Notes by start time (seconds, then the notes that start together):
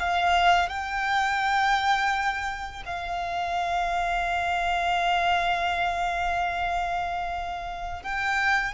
0.00 F5
0.69 G5
2.86 F5
8.03 G5